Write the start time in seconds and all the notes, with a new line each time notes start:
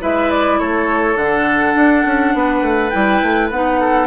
0.00 G#3 E4 B4 E5
0.31 D5
0.59 A3 A4 C#5
1.16 D3 D4 F#5
1.75 D4
2.05 C#4
2.34 B3 B4
2.62 A3
2.90 G3 E4 G5
3.23 A3
3.51 B3 D#4 F#5
3.81 A4